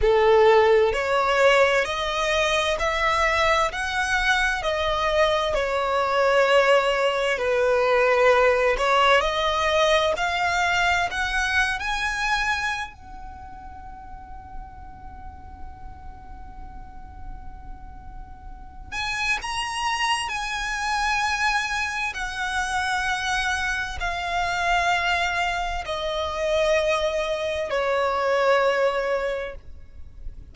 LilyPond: \new Staff \with { instrumentName = "violin" } { \time 4/4 \tempo 4 = 65 a'4 cis''4 dis''4 e''4 | fis''4 dis''4 cis''2 | b'4. cis''8 dis''4 f''4 | fis''8. gis''4~ gis''16 fis''2~ |
fis''1~ | fis''8 gis''8 ais''4 gis''2 | fis''2 f''2 | dis''2 cis''2 | }